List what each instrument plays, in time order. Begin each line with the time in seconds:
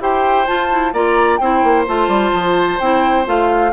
0.00 bassoon E4, clarinet G4, oboe C5, flute G5
0.47 clarinet F4, bassoon F4, flute A5
0.71 clarinet E4
0.93 bassoon A#3, clarinet F4, oboe D5, flute A#5
1.37 bassoon C4, clarinet E4, oboe C5, flute G5
1.63 bassoon A#3
1.87 bassoon A3, clarinet F4, flute A5
2.08 bassoon G3
2.33 bassoon F3
2.79 bassoon C4, clarinet E4, flute G5
3.25 bassoon A3, clarinet F4, flute F5